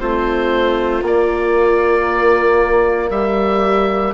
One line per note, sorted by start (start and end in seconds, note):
0.00 1.03 A3
0.00 1.03 C4
0.00 3.11 F4
0.00 1.04 C5
1.03 3.09 A#3
1.03 4.14 A#3
1.03 3.11 D5
3.10 4.14 G3
3.10 4.14 G4
3.10 4.14 E5